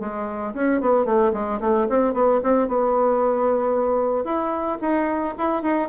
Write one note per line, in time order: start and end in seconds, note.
0.00 0.54 G#3
0.54 0.81 C#4
0.81 1.05 B3
1.05 1.32 A3
1.33 1.60 G#3
1.60 1.87 A3
1.89 2.14 C4
2.14 2.40 B3
2.43 2.68 C4
2.68 4.25 B3
4.25 4.78 E4
4.81 5.35 D#4
5.38 5.62 E4
5.62 5.89 D#4